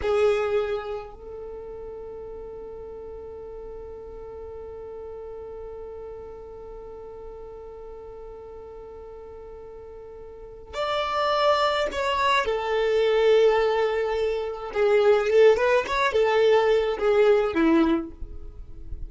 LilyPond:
\new Staff \with { instrumentName = "violin" } { \time 4/4 \tempo 4 = 106 gis'2 a'2~ | a'1~ | a'1~ | a'1~ |
a'2. d''4~ | d''4 cis''4 a'2~ | a'2 gis'4 a'8 b'8 | cis''8 a'4. gis'4 e'4 | }